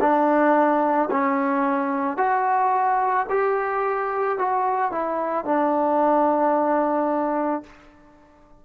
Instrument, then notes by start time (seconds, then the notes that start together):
trombone
0.00 D4
1.11 C#4
2.17 F#4
3.29 G4
4.38 F#4
4.91 E4
5.44 D4